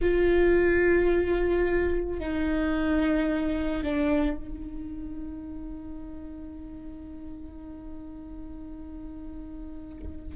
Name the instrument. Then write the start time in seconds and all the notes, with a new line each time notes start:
viola
0.01 F4
2.19 D#4
3.83 D4
4.36 D#4